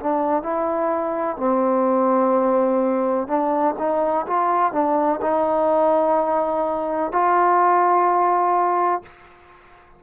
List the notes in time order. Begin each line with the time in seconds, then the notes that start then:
0.00 D4
0.43 E4
1.37 C4
3.28 D4
3.78 D#4
4.27 F4
4.73 D4
5.22 D#4
7.12 F4